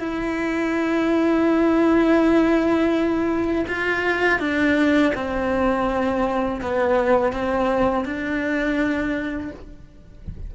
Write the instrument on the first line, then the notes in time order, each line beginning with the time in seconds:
cello
0.00 E4
3.68 F4
4.40 D4
5.15 C4
6.62 B3
7.33 C4
8.05 D4